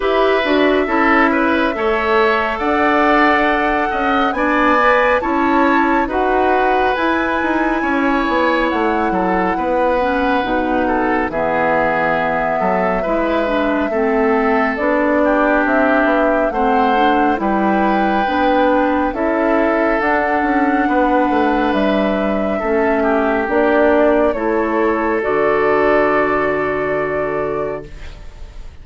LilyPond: <<
  \new Staff \with { instrumentName = "flute" } { \time 4/4 \tempo 4 = 69 e''2. fis''4~ | fis''4 gis''4 a''4 fis''4 | gis''2 fis''2~ | fis''4 e''2.~ |
e''4 d''4 e''4 fis''4 | g''2 e''4 fis''4~ | fis''4 e''2 d''4 | cis''4 d''2. | }
  \new Staff \with { instrumentName = "oboe" } { \time 4/4 b'4 a'8 b'8 cis''4 d''4~ | d''8 dis''8 d''4 cis''4 b'4~ | b'4 cis''4. a'8 b'4~ | b'8 a'8 gis'4. a'8 b'4 |
a'4. g'4. c''4 | b'2 a'2 | b'2 a'8 g'4. | a'1 | }
  \new Staff \with { instrumentName = "clarinet" } { \time 4/4 g'8 fis'8 e'4 a'2~ | a'4 d'8 b'8 e'4 fis'4 | e'2.~ e'8 cis'8 | dis'4 b2 e'8 d'8 |
c'4 d'2 c'8 d'8 | e'4 d'4 e'4 d'4~ | d'2 cis'4 d'4 | e'4 fis'2. | }
  \new Staff \with { instrumentName = "bassoon" } { \time 4/4 e'8 d'8 cis'4 a4 d'4~ | d'8 cis'8 b4 cis'4 dis'4 | e'8 dis'8 cis'8 b8 a8 fis8 b4 | b,4 e4. fis8 gis4 |
a4 b4 c'8 b8 a4 | g4 b4 cis'4 d'8 cis'8 | b8 a8 g4 a4 ais4 | a4 d2. | }
>>